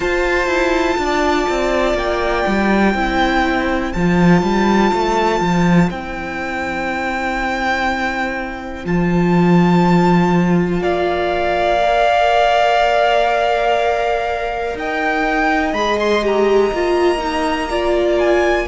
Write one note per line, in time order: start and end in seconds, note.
0.00 0.46 F4
0.00 2.95 F4
0.00 0.98 C5
0.00 1.96 A5
0.46 0.95 E4
0.97 1.46 D4
0.97 2.93 D5
1.49 1.93 C4
1.93 2.43 A#3
1.93 3.92 G5
2.47 2.94 G3
2.93 3.92 C4
2.93 3.94 E4
2.93 10.80 C5
3.92 4.42 F3
3.92 5.90 F4
3.92 5.89 A5
4.42 4.91 G3
4.93 5.40 A3
5.40 5.89 F3
5.90 8.84 C4
5.90 8.84 E4
5.90 8.85 G5
8.84 10.80 F3
8.84 11.79 F4
8.84 10.82 A5
10.80 14.74 A#3
10.80 14.75 D5
10.80 14.76 F5
11.80 15.73 A#4
14.74 15.73 D#4
14.74 17.70 D#5
14.74 15.73 G5
15.73 16.71 G#3
15.73 16.22 G#4
15.73 15.97 B5
15.99 16.24 C6
16.22 16.71 G4
16.22 18.18 A#5
16.71 18.67 A#3
16.71 17.17 F4
17.17 17.67 D#4
17.70 18.67 F4
17.70 18.67 D5
18.18 18.67 G#5